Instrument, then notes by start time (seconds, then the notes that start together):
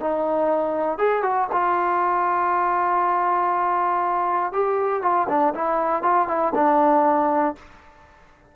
trombone
0.00 D#4
0.98 G#4
1.23 F#4
1.52 F4
4.52 G4
5.02 F4
5.28 D4
5.54 E4
6.03 F4
6.28 E4
6.54 D4